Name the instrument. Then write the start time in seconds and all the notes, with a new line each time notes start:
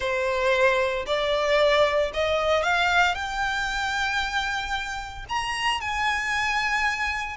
violin
0.00 C5
1.06 D5
2.13 D#5
2.63 F5
3.14 G5
5.28 A#5
5.81 G#5